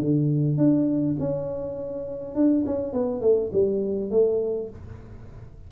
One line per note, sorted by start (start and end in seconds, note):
0.00 0.57 D3
0.57 1.16 D4
1.20 2.35 C#4
2.35 2.65 D4
2.66 2.93 C#4
2.93 3.21 B3
3.21 3.51 A3
3.53 4.11 G3
4.11 4.70 A3